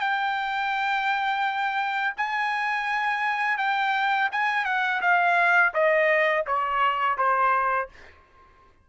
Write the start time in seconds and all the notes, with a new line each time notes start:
0.00 G5
2.17 G#5
3.58 G5
4.32 G#5
4.65 F#5
5.01 F5
5.74 D#5
6.46 C#5
7.18 C5